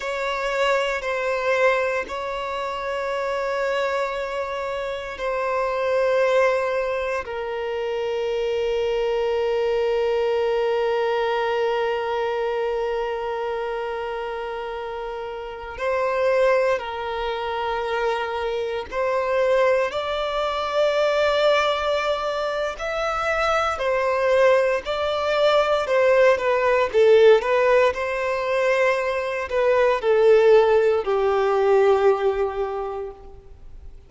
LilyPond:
\new Staff \with { instrumentName = "violin" } { \time 4/4 \tempo 4 = 58 cis''4 c''4 cis''2~ | cis''4 c''2 ais'4~ | ais'1~ | ais'2.~ ais'16 c''8.~ |
c''16 ais'2 c''4 d''8.~ | d''2 e''4 c''4 | d''4 c''8 b'8 a'8 b'8 c''4~ | c''8 b'8 a'4 g'2 | }